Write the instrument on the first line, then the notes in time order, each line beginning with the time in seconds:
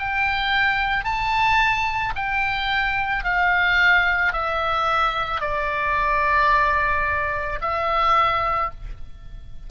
oboe
0.00 G5
1.05 A5
2.16 G5
3.24 F5
4.33 E5
5.41 D5
7.62 E5